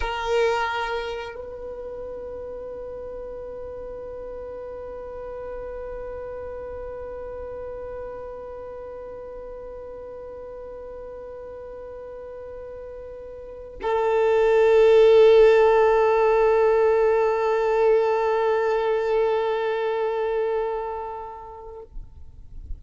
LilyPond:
\new Staff \with { instrumentName = "violin" } { \time 4/4 \tempo 4 = 88 ais'2 b'2~ | b'1~ | b'1~ | b'1~ |
b'1~ | b'16 a'2.~ a'8.~ | a'1~ | a'1 | }